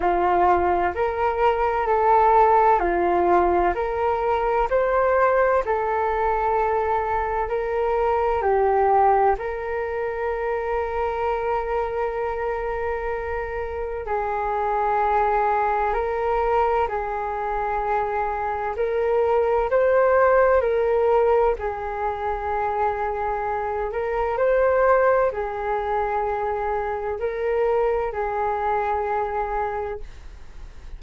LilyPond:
\new Staff \with { instrumentName = "flute" } { \time 4/4 \tempo 4 = 64 f'4 ais'4 a'4 f'4 | ais'4 c''4 a'2 | ais'4 g'4 ais'2~ | ais'2. gis'4~ |
gis'4 ais'4 gis'2 | ais'4 c''4 ais'4 gis'4~ | gis'4. ais'8 c''4 gis'4~ | gis'4 ais'4 gis'2 | }